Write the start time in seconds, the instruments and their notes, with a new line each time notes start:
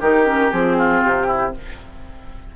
0.00 bassoon D#3, clarinet D#4, oboe G4, flute A#4
0.25 clarinet C#4
0.50 bassoon F3, clarinet C4, flute G#4
0.78 oboe F4
1.03 bassoon C3, flute G4
1.27 oboe E4